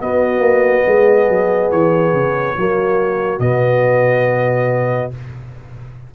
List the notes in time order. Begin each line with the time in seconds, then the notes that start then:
0.00 B3 F#4 D#5
0.39 A#3
0.85 G#3 G#4
1.28 F#3
1.71 E3 C#5
2.13 C#3
2.56 F#3 A#3 F#4
3.39 B2 B3 D#5